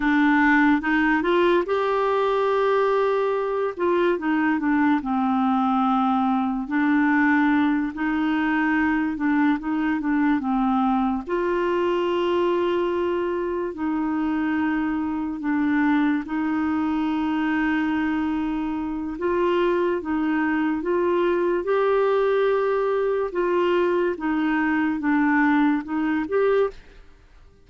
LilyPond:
\new Staff \with { instrumentName = "clarinet" } { \time 4/4 \tempo 4 = 72 d'4 dis'8 f'8 g'2~ | g'8 f'8 dis'8 d'8 c'2 | d'4. dis'4. d'8 dis'8 | d'8 c'4 f'2~ f'8~ |
f'8 dis'2 d'4 dis'8~ | dis'2. f'4 | dis'4 f'4 g'2 | f'4 dis'4 d'4 dis'8 g'8 | }